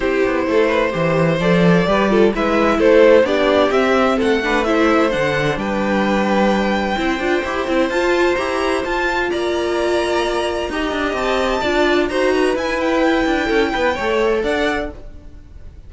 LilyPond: <<
  \new Staff \with { instrumentName = "violin" } { \time 4/4 \tempo 4 = 129 c''2. d''4~ | d''4 e''4 c''4 d''4 | e''4 fis''4 e''4 fis''4 | g''1~ |
g''4 a''4 ais''4 a''4 | ais''1 | a''2 ais''4 gis''8 g''8~ | g''2. fis''4 | }
  \new Staff \with { instrumentName = "violin" } { \time 4/4 g'4 a'8 b'8 c''2 | b'8 a'8 b'4 a'4 g'4~ | g'4 a'8 b'8 c''2 | b'2. c''4~ |
c''1 | d''2. dis''4~ | dis''4 d''4 c''8 b'4.~ | b'4 a'8 b'8 cis''4 d''4 | }
  \new Staff \with { instrumentName = "viola" } { \time 4/4 e'2 g'4 a'4 | g'8 f'8 e'2 d'4 | c'4. d'8 e'4 d'4~ | d'2. e'8 f'8 |
g'8 e'8 f'4 g'4 f'4~ | f'2. g'4~ | g'4 f'4 fis'4 e'4~ | e'2 a'2 | }
  \new Staff \with { instrumentName = "cello" } { \time 4/4 c'8 b8 a4 e4 f4 | g4 gis4 a4 b4 | c'4 a2 d4 | g2. c'8 d'8 |
e'8 c'8 f'4 e'4 f'4 | ais2. dis'8 d'8 | c'4 d'4 dis'4 e'4~ | e'8 d'8 cis'8 b8 a4 d'4 | }
>>